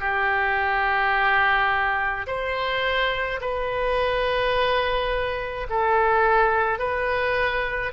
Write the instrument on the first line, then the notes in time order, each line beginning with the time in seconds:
oboe
0.00 G4
2.27 C5
3.41 B4
5.70 A4
6.79 B4